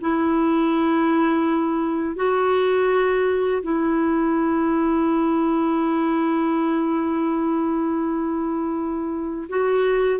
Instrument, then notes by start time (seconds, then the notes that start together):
clarinet
0.00 E4
2.15 F#4
3.62 E4
9.49 F#4